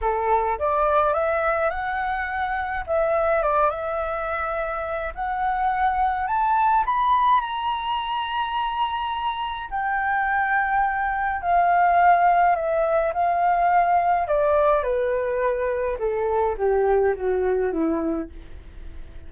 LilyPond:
\new Staff \with { instrumentName = "flute" } { \time 4/4 \tempo 4 = 105 a'4 d''4 e''4 fis''4~ | fis''4 e''4 d''8 e''4.~ | e''4 fis''2 a''4 | b''4 ais''2.~ |
ais''4 g''2. | f''2 e''4 f''4~ | f''4 d''4 b'2 | a'4 g'4 fis'4 e'4 | }